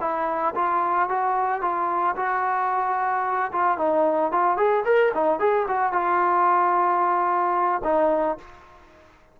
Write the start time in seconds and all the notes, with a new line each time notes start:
0.00 E4
0.55 F4
1.09 F#4
1.61 F4
2.16 F#4
3.52 F4
3.77 D#4
4.31 F4
4.57 G#4
4.85 A#4
5.14 D#4
5.39 G#4
5.68 F#4
5.92 F4
7.83 D#4